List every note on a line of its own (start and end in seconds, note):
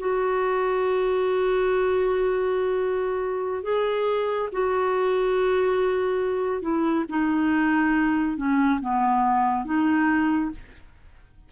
0.00 3.64 F#4
3.64 4.49 G#4
4.53 6.62 F#4
6.62 7.05 E4
7.09 8.38 D#4
8.38 8.81 C#4
8.81 9.65 B3
9.65 10.51 D#4